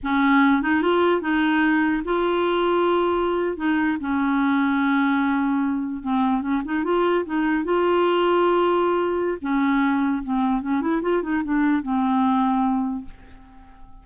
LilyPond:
\new Staff \with { instrumentName = "clarinet" } { \time 4/4 \tempo 4 = 147 cis'4. dis'8 f'4 dis'4~ | dis'4 f'2.~ | f'8. dis'4 cis'2~ cis'16~ | cis'2~ cis'8. c'4 cis'16~ |
cis'16 dis'8 f'4 dis'4 f'4~ f'16~ | f'2. cis'4~ | cis'4 c'4 cis'8 e'8 f'8 dis'8 | d'4 c'2. | }